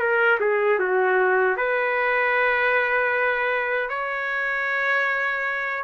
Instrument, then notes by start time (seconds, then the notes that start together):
trumpet
0.00 A#4
0.41 G#4
0.80 F#4
1.57 B4
3.90 C#5